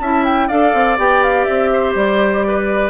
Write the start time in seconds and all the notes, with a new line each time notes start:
0.00 C#4 E4 E5 A5
0.25 G5
0.48 D4 A4 D5 F5
0.74 C4
0.98 B3 G4 G5
1.24 F5
1.44 C4 E5
1.73 C5
1.95 G3 D5
2.48 B4